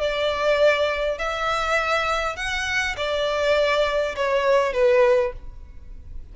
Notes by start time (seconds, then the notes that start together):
0.00 D5
1.18 E5
2.36 F#5
2.96 D5
4.16 C#5
4.73 B4